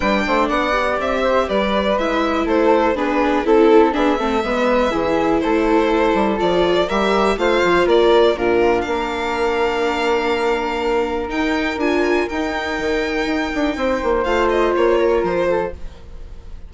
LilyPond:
<<
  \new Staff \with { instrumentName = "violin" } { \time 4/4 \tempo 4 = 122 g''4 fis''4 e''4 d''4 | e''4 c''4 b'4 a'4 | e''2. c''4~ | c''4 d''4 e''4 f''4 |
d''4 ais'4 f''2~ | f''2. g''4 | gis''4 g''2.~ | g''4 f''8 dis''8 cis''4 c''4 | }
  \new Staff \with { instrumentName = "flute" } { \time 4/4 b'8 c''8 d''4. c''8 b'4~ | b'4 a'4 gis'4 a'4 | gis'8 a'8 b'4 gis'4 a'4~ | a'2 ais'4 c''4 |
ais'4 f'4 ais'2~ | ais'1~ | ais'1 | c''2~ c''8 ais'4 a'8 | }
  \new Staff \with { instrumentName = "viola" } { \time 4/4 d'4. g'2~ g'8 | e'2 d'4 e'4 | d'8 c'8 b4 e'2~ | e'4 f'4 g'4 f'4~ |
f'4 d'2.~ | d'2. dis'4 | f'4 dis'2.~ | dis'4 f'2. | }
  \new Staff \with { instrumentName = "bassoon" } { \time 4/4 g8 a8 b4 c'4 g4 | gis4 a4 b4 c'4 | b8 a8 gis4 e4 a4~ | a8 g8 f4 g4 a8 f8 |
ais4 ais,4 ais2~ | ais2. dis'4 | d'4 dis'4 dis4 dis'8 d'8 | c'8 ais8 a4 ais4 f4 | }
>>